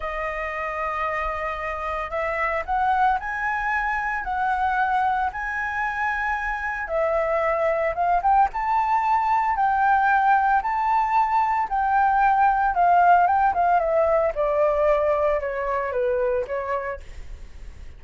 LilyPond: \new Staff \with { instrumentName = "flute" } { \time 4/4 \tempo 4 = 113 dis''1 | e''4 fis''4 gis''2 | fis''2 gis''2~ | gis''4 e''2 f''8 g''8 |
a''2 g''2 | a''2 g''2 | f''4 g''8 f''8 e''4 d''4~ | d''4 cis''4 b'4 cis''4 | }